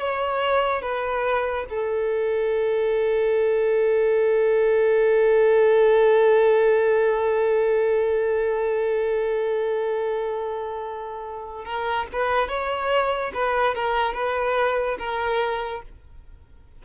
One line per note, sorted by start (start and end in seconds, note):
0.00 0.82 C#5
0.82 1.66 B4
1.70 11.65 A4
11.65 12.06 A#4
12.13 12.49 B4
12.49 13.32 C#5
13.34 13.75 B4
13.75 14.14 A#4
14.14 14.97 B4
14.99 15.83 A#4